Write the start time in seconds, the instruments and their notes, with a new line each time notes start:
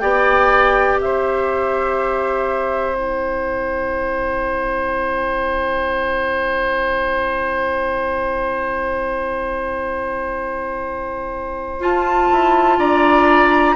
0.00 bassoon B3, clarinet G4, oboe D5, flute G5
1.00 bassoon C4, oboe C5, flute E5
2.95 clarinet E4, flute G5
11.80 bassoon F4, clarinet F4, flute A5
12.33 bassoon E4
12.79 bassoon D4, oboe D5, flute A#5